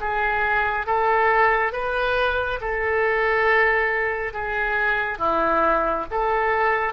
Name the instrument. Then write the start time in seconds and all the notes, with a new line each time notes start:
oboe
0.00 G#4
0.86 A4
1.72 B4
2.60 A4
4.33 G#4
5.18 E4
6.10 A4